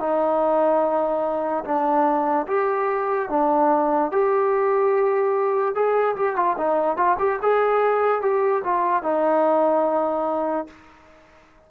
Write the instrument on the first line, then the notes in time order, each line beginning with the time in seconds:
trombone
0.00 D#4
1.65 D4
2.47 G4
3.30 D4
4.12 G4
5.75 G#4
6.16 G4
6.36 F4
6.58 D#4
6.97 F4
7.19 G4
7.42 G#4
8.22 G4
8.65 F4
9.03 D#4